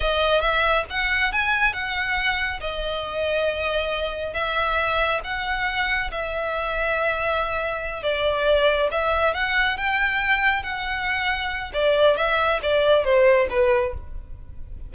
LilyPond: \new Staff \with { instrumentName = "violin" } { \time 4/4 \tempo 4 = 138 dis''4 e''4 fis''4 gis''4 | fis''2 dis''2~ | dis''2 e''2 | fis''2 e''2~ |
e''2~ e''8 d''4.~ | d''8 e''4 fis''4 g''4.~ | g''8 fis''2~ fis''8 d''4 | e''4 d''4 c''4 b'4 | }